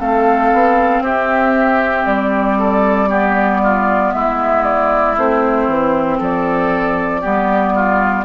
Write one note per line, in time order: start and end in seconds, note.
0.00 0.52 A3
0.00 3.09 C4
0.00 1.03 A4
0.00 1.04 F5
0.53 1.00 B3
1.00 2.04 C4
1.00 2.58 G4
1.00 2.06 E5
2.06 4.13 G3
2.06 4.12 D5
2.59 3.09 A4
3.09 5.16 B3
3.09 3.61 G4
3.63 4.14 F4
4.12 5.18 G#3
4.12 6.19 E4
4.12 4.64 E5
4.64 5.16 D5
5.17 5.68 A3
5.17 7.23 C4
5.17 6.22 C5
5.68 6.19 E3
6.19 7.23 F3
6.19 7.21 A4
6.19 8.25 D5
7.21 8.25 G3
7.21 8.25 B3
7.21 7.73 G4
7.75 8.25 F4